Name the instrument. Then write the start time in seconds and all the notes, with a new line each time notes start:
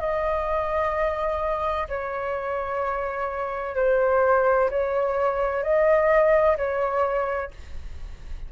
flute
0.00 D#5
1.88 C#5
3.76 C5
4.70 C#5
5.63 D#5
6.57 C#5